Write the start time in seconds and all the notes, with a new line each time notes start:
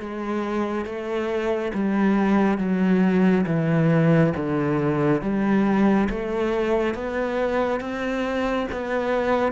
0.00 G#3
0.86 A3
1.74 G3
2.58 F#3
3.47 E3
4.37 D3
5.22 G3
6.10 A3
6.95 B3
7.81 C4
8.73 B3